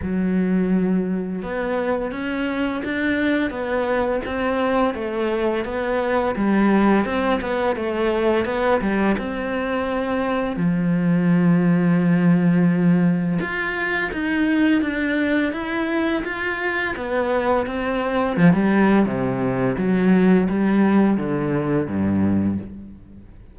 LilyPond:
\new Staff \with { instrumentName = "cello" } { \time 4/4 \tempo 4 = 85 fis2 b4 cis'4 | d'4 b4 c'4 a4 | b4 g4 c'8 b8 a4 | b8 g8 c'2 f4~ |
f2. f'4 | dis'4 d'4 e'4 f'4 | b4 c'4 f16 g8. c4 | fis4 g4 d4 g,4 | }